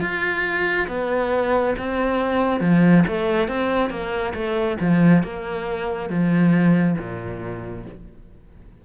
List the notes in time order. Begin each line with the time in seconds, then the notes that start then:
0.00 F4
0.87 B3
1.78 C4
2.60 F3
3.07 A3
3.48 C4
3.89 A#3
4.34 A3
4.80 F3
5.23 A#3
6.09 F3
6.98 A#2